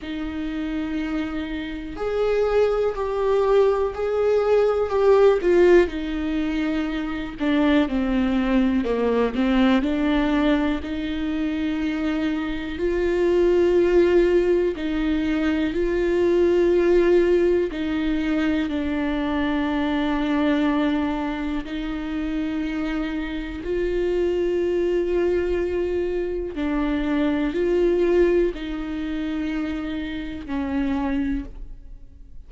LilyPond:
\new Staff \with { instrumentName = "viola" } { \time 4/4 \tempo 4 = 61 dis'2 gis'4 g'4 | gis'4 g'8 f'8 dis'4. d'8 | c'4 ais8 c'8 d'4 dis'4~ | dis'4 f'2 dis'4 |
f'2 dis'4 d'4~ | d'2 dis'2 | f'2. d'4 | f'4 dis'2 cis'4 | }